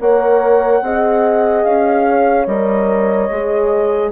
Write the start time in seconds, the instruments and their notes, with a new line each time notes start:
0.00 bassoon A#3, horn A#4 C#5, flute F#5
0.81 bassoon C4, horn G#4 D#5
1.64 bassoon C#4, flute F5
2.09 horn C#5
2.46 bassoon G3, horn A#4, flute D#5
3.30 bassoon G#3, horn G#4